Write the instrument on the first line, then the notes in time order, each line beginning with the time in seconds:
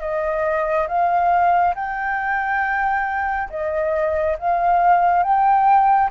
flute
0.00 D#5
0.87 F5
1.75 G5
3.49 D#5
4.38 F5
5.23 G5